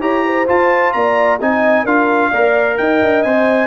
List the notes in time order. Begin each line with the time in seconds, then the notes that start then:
0.00 E4 G4 C#5 A#5
0.25 C5
0.47 F4 A5
0.92 A#3 D5 A#5
1.40 C4 D#4 D#5 G#5
1.84 D4 F4 A#4 F5
2.31 A#3 A#4 D5
2.77 D#4 D#5 G5
3.02 D4
3.22 C4 C5 G#5